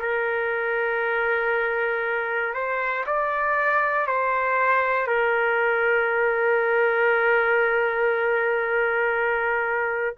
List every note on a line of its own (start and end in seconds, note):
0.00 2.54 A#4
2.54 3.05 C5
3.07 4.07 D5
4.07 5.08 C5
5.08 10.16 A#4